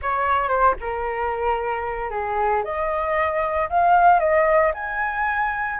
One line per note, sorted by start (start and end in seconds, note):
0.01 0.48 C#5
0.48 0.74 C5
0.80 2.10 A#4
2.10 2.63 G#4
2.64 3.69 D#5
3.69 4.19 F5
4.19 4.72 D#5
4.74 5.79 G#5